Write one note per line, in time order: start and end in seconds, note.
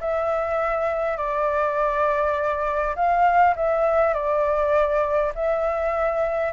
0.00 1.17 E5
1.17 2.95 D5
2.95 3.55 F5
3.56 4.13 E5
4.13 5.32 D5
5.34 6.52 E5